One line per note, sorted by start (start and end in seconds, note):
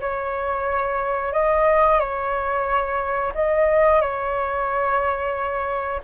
0.00 1.32 C#5
1.32 1.99 D#5
1.99 3.32 C#5
3.34 4.01 D#5
4.01 6.01 C#5